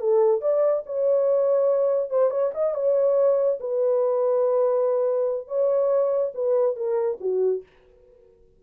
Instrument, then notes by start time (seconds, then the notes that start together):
horn
0.00 A4
0.41 D5
0.86 C#5
2.10 C5
2.30 C#5
2.54 D#5
2.74 C#5
3.60 B4
5.48 C#5
6.35 B4
6.76 A#4
7.21 F#4